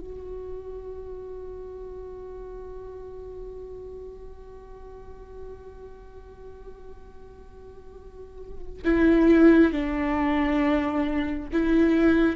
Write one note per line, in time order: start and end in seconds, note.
0.00 8.82 F#4
8.84 9.72 E4
9.72 11.49 D4
11.52 12.36 E4